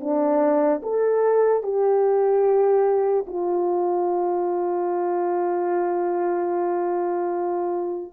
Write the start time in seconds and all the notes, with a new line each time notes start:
0.00 D4
0.83 A4
1.63 G4
3.27 F4